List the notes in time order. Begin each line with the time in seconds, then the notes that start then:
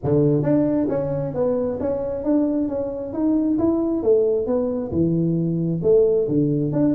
0.03 D3
0.43 D4
0.89 C#4
1.34 B3
1.80 C#4
2.24 D4
2.68 C#4
3.13 D#4
3.58 E4
4.02 A3
4.46 B3
4.91 E3
5.82 A3
6.28 D3
6.72 D4